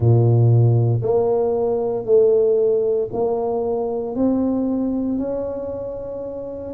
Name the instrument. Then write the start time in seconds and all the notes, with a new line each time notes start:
tuba
0.00 A#2
1.02 A#3
2.05 A3
3.13 A#3
4.15 C4
5.18 C#4